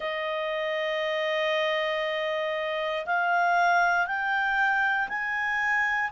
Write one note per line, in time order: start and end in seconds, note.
0.00 3.05 D#5
3.06 4.06 F5
4.06 5.08 G5
5.08 6.10 G#5